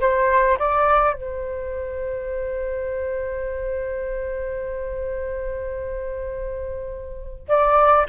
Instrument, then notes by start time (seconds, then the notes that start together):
flute
0.00 C5
0.59 D5
1.13 C5
7.48 D5